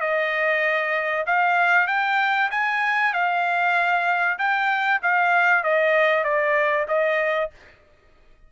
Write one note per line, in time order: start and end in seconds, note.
0.00 1.25 D#5
1.26 1.87 F5
1.87 2.49 G5
2.50 3.12 G#5
3.12 4.38 F5
4.38 5.00 G5
5.02 5.63 F5
5.63 6.24 D#5
6.24 6.86 D5
6.88 7.50 D#5